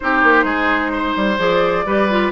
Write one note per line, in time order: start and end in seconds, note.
0.00 0.23 C4
0.00 1.38 D#4
0.00 0.44 G4
0.00 1.38 C5
0.23 0.44 A#3
0.44 1.14 G#3
0.44 0.91 G#4
0.92 1.85 C5
1.16 1.38 G3
1.38 1.85 F3
1.38 1.85 G#4
1.38 2.31 D5
1.85 2.31 G3
1.85 2.09 G4
1.85 2.31 B4
2.10 2.31 F4